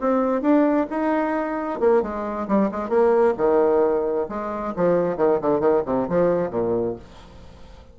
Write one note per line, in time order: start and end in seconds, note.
0.00 0.41 C4
0.41 0.86 D4
0.89 1.80 D#4
1.80 2.02 A#3
2.02 2.47 G#3
2.48 2.70 G3
2.71 2.89 G#3
2.89 3.34 A#3
3.37 4.27 D#3
4.28 4.73 G#3
4.76 5.17 F3
5.17 5.39 D#3
5.41 5.59 D3
5.59 5.82 D#3
5.85 6.08 C3
6.08 6.50 F3
6.50 6.95 A#2